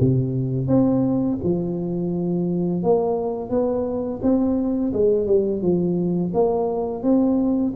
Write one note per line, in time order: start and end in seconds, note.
0.00 0.67 C3
0.67 1.38 C4
1.43 2.83 F3
2.83 3.50 A#3
3.50 4.20 B3
4.22 4.93 C4
4.93 5.27 G#3
5.27 5.61 G3
5.61 6.32 F3
6.34 7.03 A#3
7.03 7.74 C4